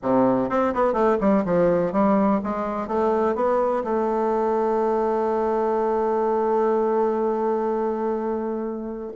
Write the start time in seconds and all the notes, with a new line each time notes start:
0.02 C3
0.49 C4
0.74 B3
0.93 A3
1.20 G3
1.44 F3
1.92 G3
2.43 G#3
2.87 A3
3.35 B3
3.84 A3